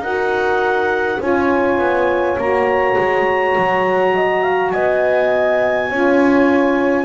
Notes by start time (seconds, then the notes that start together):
0.00 D#4 F#4 A#4 F#5
1.19 C#4 F4 C#5 G#5
1.78 B3
2.38 A#3 F#4 A#5
2.98 G#3
3.58 F#3
4.15 D#5
4.43 F5
4.71 B3 D#5 G#5
5.90 C#4 F4 C#5